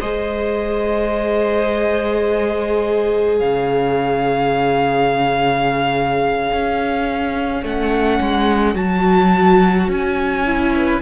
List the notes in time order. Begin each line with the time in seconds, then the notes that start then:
0.00 G#3 G#4 C5 D#5
3.38 C#3 C#5 F5
6.53 C#4
7.63 A3 C#4 F#5
8.21 G#3
8.75 F#3 F#4 A5
9.88 C#4 G#5
10.46 E4
10.74 B4